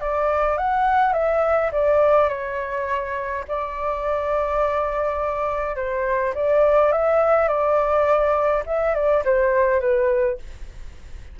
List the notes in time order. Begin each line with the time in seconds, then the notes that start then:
0.00 D5
0.57 F#5
1.12 E5
1.72 D5
2.28 C#5
3.47 D5
5.76 C5
6.34 D5
6.92 E5
7.48 D5
8.65 E5
8.94 D5
9.24 C5
9.80 B4